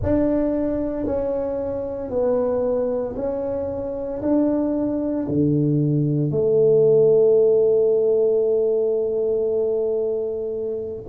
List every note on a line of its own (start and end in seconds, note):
0.02 1.05 D4
1.05 2.10 C#4
2.10 3.15 B3
3.16 4.21 C#4
4.22 5.27 D4
5.28 6.31 D3
6.31 11.04 A3